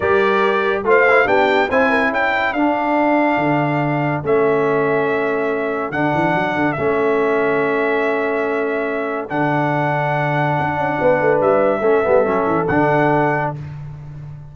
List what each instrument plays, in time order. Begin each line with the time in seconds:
0.00 tuba G3, trombone G4, horn A#4, trumpet D5
0.83 tuba A3, trombone F4, horn C5, trumpet F5
1.08 trombone E4
1.25 tuba B3, trombone D4, horn G4, trumpet G5
1.69 tuba C4, trombone E4, horn C5, trumpet G#5
1.89 horn A#4
2.09 tuba C#4, horn A4, trumpet G5
2.53 tuba D4, trombone D4, trumpet F5
3.37 tuba D3
4.23 tuba A3, trombone C#4, trumpet E5
5.90 tuba D3, trombone D4, trumpet F#5
6.14 tuba E3
6.34 tuba F#3
6.55 tuba D3
6.72 tuba A3, trombone C#4, trumpet E5
9.28 tuba D3, trombone D4, trumpet F#5
10.59 tuba D4
10.77 tuba C#4
11.00 tuba B3, horn B4
11.21 tuba A3
11.41 tuba G3, trumpet E5
11.80 tuba A3, trombone C#4, horn A4
12.03 tuba G3, trombone B3
12.24 tuba F#3, trombone C#4
12.46 tuba E3
12.67 tuba D3, trombone D4, trumpet F#5